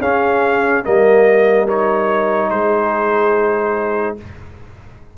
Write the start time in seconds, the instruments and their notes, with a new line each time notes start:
0.00 tuba C#4, trombone C#4, horn G#4, trumpet F5
0.84 tuba G3, trombone A#3, horn A#4, trumpet D#5
1.67 trombone D#4, trumpet C#5
2.50 tuba G#3, horn G#4, trumpet C5